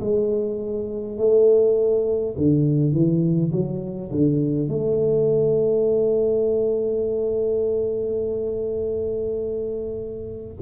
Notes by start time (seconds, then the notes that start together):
0.00 G#3
1.17 A3
2.37 D3
2.92 E3
3.52 F#3
4.11 D3
4.68 A3